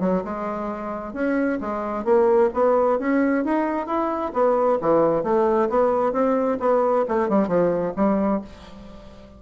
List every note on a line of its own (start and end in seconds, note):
0.00 0.23 F#3
0.24 1.13 G#3
1.13 1.59 C#4
1.60 2.04 G#3
2.04 2.50 A#3
2.54 2.99 B3
2.99 3.44 C#4
3.44 3.86 D#4
3.86 4.32 E4
4.33 4.79 B3
4.81 5.23 E3
5.23 5.69 A3
5.69 6.13 B3
6.13 6.58 C4
6.60 7.05 B3
7.08 7.29 A3
7.29 7.48 G3
7.48 7.93 F3
7.96 8.41 G3